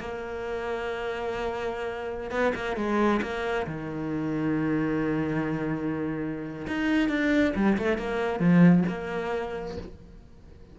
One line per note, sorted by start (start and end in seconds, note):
0.00 2.31 A#3
2.31 2.54 B3
2.55 2.77 A#3
2.77 3.21 G#3
3.22 3.67 A#3
3.67 6.67 D#3
6.68 7.09 D#4
7.09 7.54 D4
7.56 7.78 G3
7.78 7.98 A3
7.98 8.40 A#3
8.40 8.84 F3
8.89 9.78 A#3